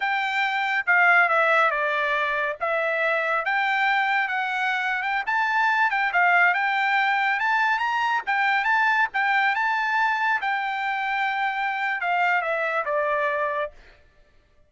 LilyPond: \new Staff \with { instrumentName = "trumpet" } { \time 4/4 \tempo 4 = 140 g''2 f''4 e''4 | d''2 e''2 | g''2 fis''4.~ fis''16 g''16~ | g''16 a''4. g''8 f''4 g''8.~ |
g''4~ g''16 a''4 ais''4 g''8.~ | g''16 a''4 g''4 a''4.~ a''16~ | a''16 g''2.~ g''8. | f''4 e''4 d''2 | }